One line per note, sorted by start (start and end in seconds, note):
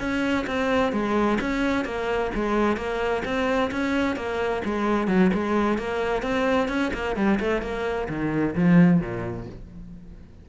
0.00 0.46 C#4
0.47 0.93 C4
0.93 1.39 G#3
1.41 1.85 C#4
1.85 2.31 A#3
2.35 2.77 G#3
2.77 3.23 A#3
3.25 3.71 C4
3.72 4.16 C#4
4.16 4.62 A#3
4.65 5.08 G#3
5.08 5.31 F#3
5.34 5.78 G#3
5.78 6.23 A#3
6.23 6.69 C4
6.69 6.92 C#4
6.94 7.16 A#3
7.16 7.40 G3
7.40 7.62 A3
7.62 8.09 A#3
8.09 8.55 D#3
8.55 9.01 F3
9.01 9.47 A#2